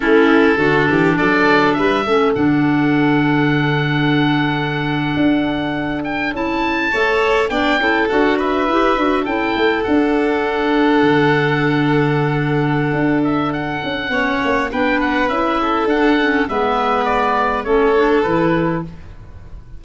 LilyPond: <<
  \new Staff \with { instrumentName = "oboe" } { \time 4/4 \tempo 4 = 102 a'2 d''4 e''4 | fis''1~ | fis''2~ fis''16 g''8 a''4~ a''16~ | a''8. g''4 fis''8 e''4. g''16~ |
g''8. fis''2.~ fis''16~ | fis''2~ fis''8 e''8 fis''4~ | fis''4 g''8 fis''8 e''4 fis''4 | e''4 d''4 cis''4 b'4 | }
  \new Staff \with { instrumentName = "violin" } { \time 4/4 e'4 fis'8 g'8 a'4 b'8 a'8~ | a'1~ | a'2.~ a'8. cis''16~ | cis''8. d''8 a'4 b'4. a'16~ |
a'1~ | a'1 | cis''4 b'4. a'4. | b'2 a'2 | }
  \new Staff \with { instrumentName = "clarinet" } { \time 4/4 cis'4 d'2~ d'8 cis'8 | d'1~ | d'2~ d'8. e'4 a'16~ | a'8. d'8 e'8 fis'4 g'8 fis'8 e'16~ |
e'8. d'2.~ d'16~ | d'1 | cis'4 d'4 e'4 d'8 cis'8 | b2 cis'8 d'8 e'4 | }
  \new Staff \with { instrumentName = "tuba" } { \time 4/4 a4 d8 e8 fis4 g8 a8 | d1~ | d8. d'2 cis'4 a16~ | a8. b8 cis'8 d'4 e'8 d'8 cis'16~ |
cis'16 a8 d'2 d4~ d16~ | d2 d'4. cis'8 | b8 ais8 b4 cis'4 d'4 | gis2 a4 e4 | }
>>